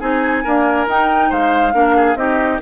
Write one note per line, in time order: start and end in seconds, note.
0.00 0.44 C4
0.00 0.43 D#4
0.00 0.44 G#4
0.00 0.88 G#5
0.44 0.87 A#3
0.44 0.87 D4
0.44 1.30 A#4
0.87 1.73 D#4
0.87 1.31 D#4
0.87 1.32 G5
1.30 1.74 G#3
1.30 1.73 C5
1.30 2.16 F5
1.73 2.15 A#3
1.73 2.16 D4
1.73 1.96 A#4
1.96 2.18 G#4
2.15 2.59 C4
2.15 2.60 D#4
2.15 2.62 G4
2.15 2.60 D#5